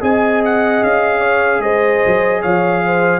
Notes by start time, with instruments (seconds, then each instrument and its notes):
0.00 tuba C4, trombone G#4, horn D#5, trumpet G#5
0.45 trumpet F#5
0.83 tuba C#4, trumpet F5
1.20 horn C#5
1.59 tuba G#3, horn C5, trumpet D#5
2.06 tuba F#3
2.41 tuba F3, horn C#5, trumpet F5
2.85 horn C5